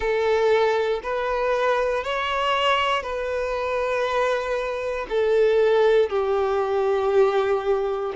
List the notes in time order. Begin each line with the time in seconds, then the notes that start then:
0.00 A4
1.03 B4
2.03 C#5
3.02 B4
5.09 A4
6.09 G4